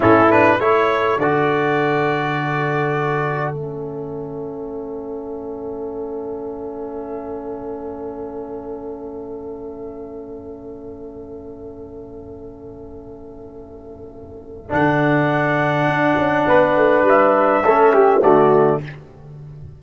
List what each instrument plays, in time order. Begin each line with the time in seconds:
0.00 tuba A2, trombone C#4, horn E4, trumpet A4
0.30 trombone D4, trumpet B4
0.58 tuba A3, trombone E4, horn A4, trumpet C#5
1.17 tuba D3, trombone F#4, trumpet D5
3.52 tuba A3, trombone C#4, trumpet E5
14.69 tuba D3, trombone D4, trumpet F#5
15.86 tuba D4
16.17 tuba C#4
16.47 tuba B3, horn B4
16.75 tuba A3
17.01 tuba G3
17.08 trumpet E5
17.63 tuba A3, trombone C#4, horn A4
17.93 horn G4
18.21 tuba D3, trombone A3, horn F#4, trumpet D5